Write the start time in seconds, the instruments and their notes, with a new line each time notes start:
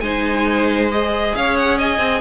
0.00 cello G#3, viola D#4, violin C5 G#5
0.91 viola G#4, violin D#5
1.35 cello C#4, violin C#5 F5
1.57 violin F#5
1.78 violin D#5 G#5
1.98 cello C4